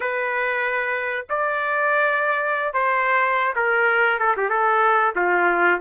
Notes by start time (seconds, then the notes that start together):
0.00 B4
1.29 D5
2.73 C5
3.55 A#4
4.19 A4
4.36 G4
4.49 A4
5.15 F4